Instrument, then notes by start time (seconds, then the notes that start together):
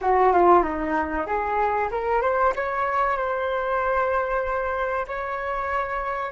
flute
0.01 F#4
0.32 F4
0.63 D#4
1.26 G#4
1.91 A#4
2.21 C5
2.55 C#5
3.17 C5
5.07 C#5